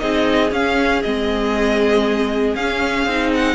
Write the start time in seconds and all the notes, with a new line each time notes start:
0.00 C4 D#4 G#4 D#5
0.51 C#4 F5
1.03 G#3 C4 D#5
2.55 C#4 F5
3.06 C4 D#4
3.35 F#5